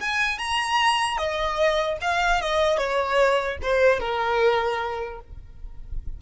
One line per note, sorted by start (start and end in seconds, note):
0.00 0.38 G#5
0.38 1.17 A#5
1.17 1.97 D#5
2.01 2.41 F5
2.41 2.77 D#5
2.77 3.57 C#5
3.62 3.99 C5
3.99 5.19 A#4